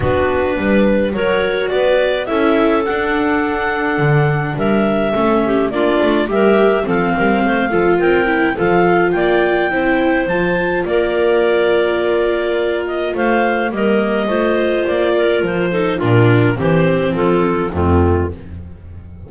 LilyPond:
<<
  \new Staff \with { instrumentName = "clarinet" } { \time 4/4 \tempo 4 = 105 b'2 cis''4 d''4 | e''4 fis''2. | e''2 d''4 e''4 | f''2 g''4 f''4 |
g''2 a''4 d''4~ | d''2~ d''8 dis''8 f''4 | dis''2 d''4 c''4 | ais'4 c''4 a'4 f'4 | }
  \new Staff \with { instrumentName = "clarinet" } { \time 4/4 fis'4 b'4 ais'4 b'4 | a'1 | ais'4 a'8 g'8 f'4 ais'4 | a'8 ais'8 c''8 a'8 ais'4 a'4 |
d''4 c''2 ais'4~ | ais'2. c''4 | ais'4 c''4. ais'4 a'8 | f'4 g'4 f'4 c'4 | }
  \new Staff \with { instrumentName = "viola" } { \time 4/4 d'2 fis'2 | e'4 d'2.~ | d'4 cis'4 d'4 g'4 | c'4. f'4 e'8 f'4~ |
f'4 e'4 f'2~ | f'1 | ais4 f'2~ f'8 dis'8 | d'4 c'2 a4 | }
  \new Staff \with { instrumentName = "double bass" } { \time 4/4 b4 g4 fis4 b4 | cis'4 d'2 d4 | g4 a4 ais8 a8 g4 | f8 g8 a8 f8 c'4 f4 |
ais4 c'4 f4 ais4~ | ais2. a4 | g4 a4 ais4 f4 | ais,4 e4 f4 f,4 | }
>>